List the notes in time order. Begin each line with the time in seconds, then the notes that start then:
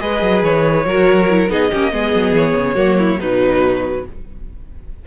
0.00 G#3 G#4 B4 D#5
0.22 F#3
0.43 E3 C#5
0.86 F#3 F#4 A#4
1.30 E4
1.49 B3 D#4 G#4 D#5
1.72 A#3 C#4 G4
1.92 G#3 B3 G#4
2.14 F#3
2.33 E3 C#5
2.56 C#3
2.75 F#3 A#3 F#4
2.99 E4
3.20 B2 F#3 D#4 B4